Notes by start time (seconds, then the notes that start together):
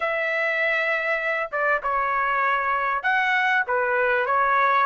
0.00 E5
1.51 D5
1.82 C#5
3.02 F#5
3.67 B4
4.26 C#5